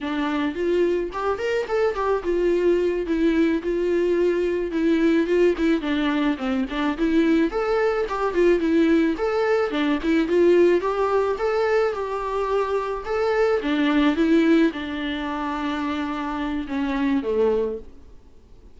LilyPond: \new Staff \with { instrumentName = "viola" } { \time 4/4 \tempo 4 = 108 d'4 f'4 g'8 ais'8 a'8 g'8 | f'4. e'4 f'4.~ | f'8 e'4 f'8 e'8 d'4 c'8 | d'8 e'4 a'4 g'8 f'8 e'8~ |
e'8 a'4 d'8 e'8 f'4 g'8~ | g'8 a'4 g'2 a'8~ | a'8 d'4 e'4 d'4.~ | d'2 cis'4 a4 | }